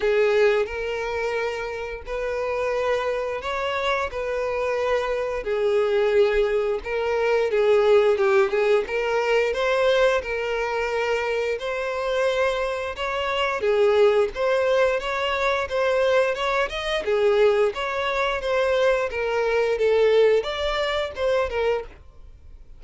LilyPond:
\new Staff \with { instrumentName = "violin" } { \time 4/4 \tempo 4 = 88 gis'4 ais'2 b'4~ | b'4 cis''4 b'2 | gis'2 ais'4 gis'4 | g'8 gis'8 ais'4 c''4 ais'4~ |
ais'4 c''2 cis''4 | gis'4 c''4 cis''4 c''4 | cis''8 dis''8 gis'4 cis''4 c''4 | ais'4 a'4 d''4 c''8 ais'8 | }